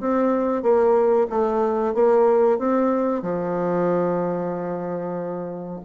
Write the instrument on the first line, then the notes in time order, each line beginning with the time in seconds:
bassoon
0.00 C4
0.62 A#3
1.30 A3
1.94 A#3
2.59 C4
3.22 F3